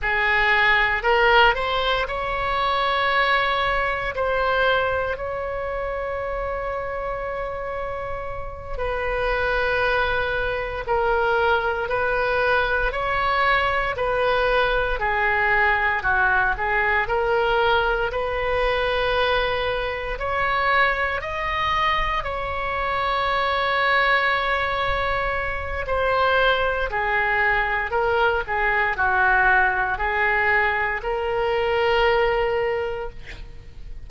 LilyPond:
\new Staff \with { instrumentName = "oboe" } { \time 4/4 \tempo 4 = 58 gis'4 ais'8 c''8 cis''2 | c''4 cis''2.~ | cis''8 b'2 ais'4 b'8~ | b'8 cis''4 b'4 gis'4 fis'8 |
gis'8 ais'4 b'2 cis''8~ | cis''8 dis''4 cis''2~ cis''8~ | cis''4 c''4 gis'4 ais'8 gis'8 | fis'4 gis'4 ais'2 | }